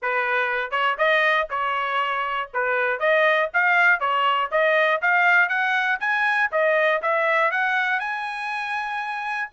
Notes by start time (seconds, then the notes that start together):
0.01 B4
0.70 C#5
0.97 D#5
1.50 C#5
2.53 B4
2.99 D#5
3.53 F5
4.00 C#5
4.51 D#5
5.01 F5
5.48 F#5
6.00 G#5
6.51 D#5
7.02 E5
7.51 F#5
7.99 G#5